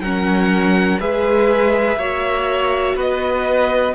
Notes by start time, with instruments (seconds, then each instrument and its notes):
0.00 cello F#3, viola C#4, violin A#4 F#5
1.00 cello G#3, viola G#4, violin B4 E5
1.96 cello A#3, viola F#4, violin C#5
2.95 cello B3, violin B4 D#5